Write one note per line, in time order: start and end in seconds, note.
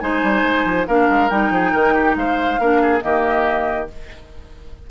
0.00 0.23 G#3
0.00 0.87 D#4
0.00 0.87 C5
0.00 0.86 G#5
0.23 0.43 G3
0.43 0.64 G#3
0.65 0.86 F3
0.87 1.09 A#3
0.87 1.30 D4
0.87 1.52 A#4
0.87 1.29 F5
1.09 1.30 G#3
1.29 1.50 G3
1.29 2.59 D#4
1.29 2.16 G5
1.50 1.72 F3
1.50 1.71 G#4
1.71 2.16 D#3
1.71 1.93 A#4
1.94 2.15 G4
2.16 2.59 G#3
2.16 2.60 C5
2.16 3.01 F5
2.59 3.02 A#3
2.59 3.01 D4
2.59 2.82 A#4
2.82 3.03 G#4
3.01 3.90 D#3
3.01 3.87 A#3
3.01 3.90 G4
3.01 3.87 D#5